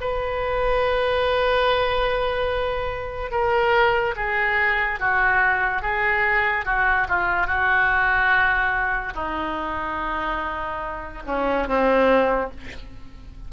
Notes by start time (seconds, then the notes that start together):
0.00 B4
3.31 A#4
4.16 G#4
5.00 F#4
5.82 G#4
6.65 F#4
7.08 F4
7.47 F#4
9.14 D#4
11.26 C#4
11.67 C4